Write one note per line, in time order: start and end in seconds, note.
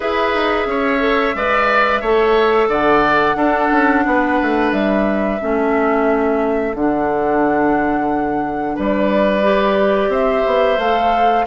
0.00 0.34 E4
0.00 0.99 G#4
0.00 0.67 B4
0.00 2.68 E5
0.34 0.65 D#4
0.65 1.33 C#4
0.65 1.36 C#5
0.99 1.33 A4
1.35 2.01 G#3
1.35 2.04 B4
1.35 2.00 D5
2.00 2.68 A3
2.00 3.37 A4
2.00 2.68 C#5
2.68 3.35 D3
2.68 3.36 D5
2.68 4.72 F#5
3.35 3.69 D4
3.35 5.39 D4
3.35 4.04 A4
3.71 4.05 C#4
4.06 4.39 B3
4.06 5.41 B4
4.41 4.72 A3
4.72 5.39 G3
4.72 6.74 E5
5.40 6.74 A3
5.40 6.75 C#4
5.40 8.75 A4
6.74 8.76 D3
6.74 9.42 D4
6.74 8.77 F#5
8.75 10.08 G3
8.75 10.10 B4
8.75 10.12 D5
9.42 10.77 G4
10.08 10.42 C4
10.08 11.45 C5
10.08 10.78 E5
10.46 10.77 B3
10.77 11.45 A3
10.77 11.47 A4
10.77 11.46 F5